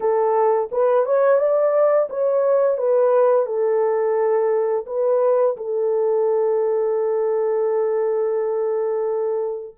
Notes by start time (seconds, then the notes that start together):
0.00 A4
0.71 B4
1.05 C#5
1.39 D5
2.09 C#5
2.77 B4
3.45 A4
4.86 B4
5.56 A4